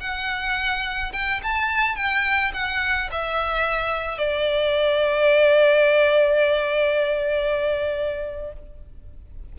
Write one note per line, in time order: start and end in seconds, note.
0.00 1.12 F#5
1.12 1.40 G5
1.43 1.95 A5
1.95 2.52 G5
2.53 3.09 F#5
3.11 4.18 E5
4.18 8.53 D5